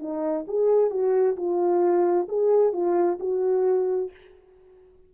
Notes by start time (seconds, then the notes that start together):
0.00 D#4
0.48 G#4
0.91 F#4
1.37 F4
2.29 G#4
2.73 F4
3.20 F#4